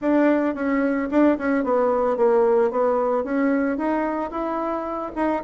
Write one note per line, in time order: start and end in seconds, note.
0.01 0.54 D4
0.54 1.08 C#4
1.10 1.37 D4
1.38 1.64 C#4
1.64 2.16 B3
2.16 2.70 A#3
2.70 3.24 B3
3.24 3.77 C#4
3.77 4.30 D#4
4.30 5.11 E4
5.15 5.42 D#4